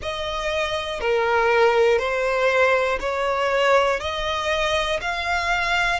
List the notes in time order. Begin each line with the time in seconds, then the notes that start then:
0.02 D#5
1.00 A#4
1.99 C5
3.00 C#5
4.00 D#5
5.01 F5